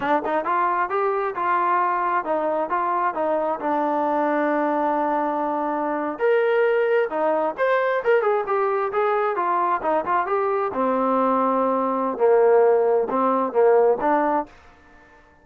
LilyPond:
\new Staff \with { instrumentName = "trombone" } { \time 4/4 \tempo 4 = 133 d'8 dis'8 f'4 g'4 f'4~ | f'4 dis'4 f'4 dis'4 | d'1~ | d'4.~ d'16 ais'2 dis'16~ |
dis'8. c''4 ais'8 gis'8 g'4 gis'16~ | gis'8. f'4 dis'8 f'8 g'4 c'16~ | c'2. ais4~ | ais4 c'4 ais4 d'4 | }